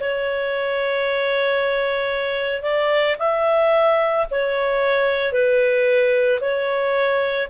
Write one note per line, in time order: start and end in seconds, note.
0.00 2.62 C#5
2.62 3.16 D5
3.19 4.26 E5
4.31 5.32 C#5
5.32 6.39 B4
6.41 7.48 C#5